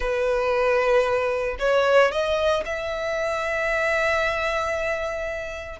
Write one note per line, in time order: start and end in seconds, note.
0.00 1.56 B4
1.59 2.11 C#5
2.11 2.64 D#5
2.65 5.79 E5